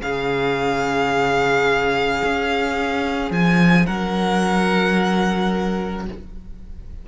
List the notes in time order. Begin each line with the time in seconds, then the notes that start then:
0.00 C#3 C#4 G#4 F5
2.23 C#4
3.30 F3 G#5
3.86 F#3 A#4 F#5